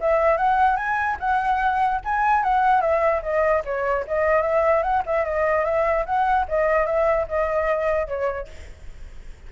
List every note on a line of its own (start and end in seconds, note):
0.00 0.37 E5
0.37 0.76 F#5
0.76 1.16 G#5
1.19 2.00 F#5
2.04 2.43 G#5
2.43 2.81 F#5
2.81 3.21 E5
3.22 3.63 D#5
3.64 4.05 C#5
4.07 4.42 D#5
4.42 4.82 E5
4.82 5.03 F#5
5.06 5.24 E5
5.24 5.64 D#5
5.64 6.05 E5
6.05 6.46 F#5
6.48 6.86 D#5
6.86 7.26 E5
7.28 8.07 D#5
8.07 8.47 C#5